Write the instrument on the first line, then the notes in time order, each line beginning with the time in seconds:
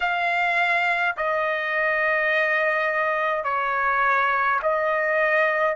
trumpet
0.00 F5
1.16 D#5
3.44 C#5
4.62 D#5